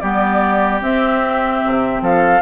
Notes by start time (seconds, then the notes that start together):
0.00 G3 B3 G4 D5
0.81 C4 E5
1.66 C3
2.01 F3 A4 F5